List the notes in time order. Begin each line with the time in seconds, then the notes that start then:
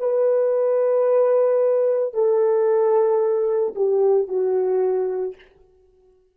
0.00 B4
2.14 A4
3.75 G4
4.28 F#4